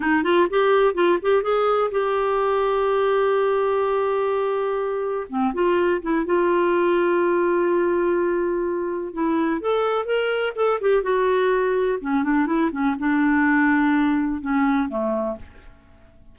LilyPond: \new Staff \with { instrumentName = "clarinet" } { \time 4/4 \tempo 4 = 125 dis'8 f'8 g'4 f'8 g'8 gis'4 | g'1~ | g'2. c'8 f'8~ | f'8 e'8 f'2.~ |
f'2. e'4 | a'4 ais'4 a'8 g'8 fis'4~ | fis'4 cis'8 d'8 e'8 cis'8 d'4~ | d'2 cis'4 a4 | }